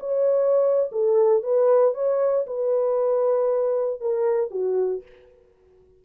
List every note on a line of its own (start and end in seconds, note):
0.00 0.91 C#5
0.92 1.43 A4
1.43 1.94 B4
1.94 2.46 C#5
2.47 4.01 B4
4.01 4.51 A#4
4.51 5.03 F#4